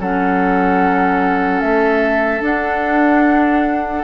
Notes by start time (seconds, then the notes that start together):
0.00 F#3 C#4 A4 F#5
1.61 A3 E5
2.41 D4 F#5